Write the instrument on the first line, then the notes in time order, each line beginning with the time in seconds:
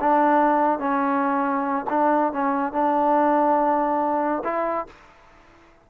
trombone
0.00 D4
0.78 C#4
1.90 D4
2.32 C#4
2.72 D4
4.44 E4